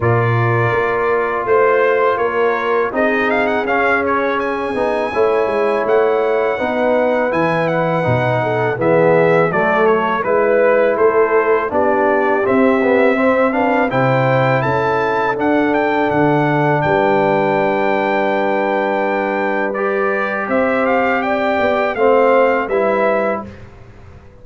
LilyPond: <<
  \new Staff \with { instrumentName = "trumpet" } { \time 4/4 \tempo 4 = 82 d''2 c''4 cis''4 | dis''8 f''16 fis''16 f''8 cis''8 gis''2 | fis''2 gis''8 fis''4. | e''4 d''8 cis''8 b'4 c''4 |
d''4 e''4. f''8 g''4 | a''4 fis''8 g''8 fis''4 g''4~ | g''2. d''4 | e''8 f''8 g''4 f''4 e''4 | }
  \new Staff \with { instrumentName = "horn" } { \time 4/4 ais'2 c''4 ais'4 | gis'2. cis''4~ | cis''4 b'2~ b'8 a'8 | gis'4 a'4 b'4 a'4 |
g'2 c''8 b'8 c''4 | a'2. b'4~ | b'1 | c''4 d''4 c''4 b'4 | }
  \new Staff \with { instrumentName = "trombone" } { \time 4/4 f'1 | dis'4 cis'4. dis'8 e'4~ | e'4 dis'4 e'4 dis'4 | b4 a4 e'2 |
d'4 c'8 b8 c'8 d'8 e'4~ | e'4 d'2.~ | d'2. g'4~ | g'2 c'4 e'4 | }
  \new Staff \with { instrumentName = "tuba" } { \time 4/4 ais,4 ais4 a4 ais4 | c'4 cis'4. b8 a8 gis8 | a4 b4 e4 b,4 | e4 fis4 gis4 a4 |
b4 c'2 c4 | cis'4 d'4 d4 g4~ | g1 | c'4. b8 a4 g4 | }
>>